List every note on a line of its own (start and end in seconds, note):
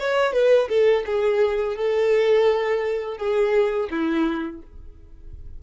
0.00 0.33 C#5
0.33 0.69 B4
0.69 1.05 A4
1.06 1.77 G#4
1.77 3.18 A4
3.18 3.90 G#4
3.91 4.63 E4